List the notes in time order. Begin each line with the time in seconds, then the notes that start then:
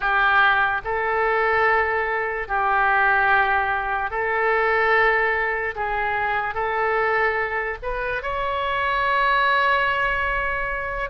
0.00 G4
0.84 A4
2.48 G4
4.10 A4
5.75 G#4
6.54 A4
7.82 B4
8.22 C#5